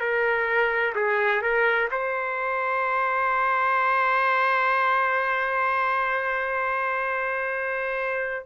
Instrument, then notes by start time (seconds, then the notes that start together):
trumpet
0.00 A#4
0.95 G#4
1.42 A#4
1.91 C5